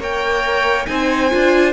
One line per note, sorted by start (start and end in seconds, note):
0.00 0.87 A#3
0.00 0.87 A#4
0.00 0.87 C#5
0.00 0.86 G5
0.86 1.33 C4
0.86 1.31 D#4
0.86 1.74 C5
0.86 1.73 G#5
1.31 1.74 D4
1.31 1.74 F4